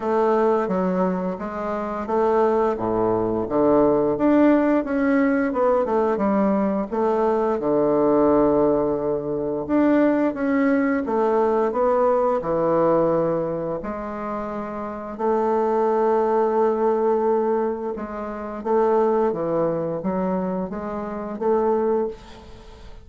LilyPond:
\new Staff \with { instrumentName = "bassoon" } { \time 4/4 \tempo 4 = 87 a4 fis4 gis4 a4 | a,4 d4 d'4 cis'4 | b8 a8 g4 a4 d4~ | d2 d'4 cis'4 |
a4 b4 e2 | gis2 a2~ | a2 gis4 a4 | e4 fis4 gis4 a4 | }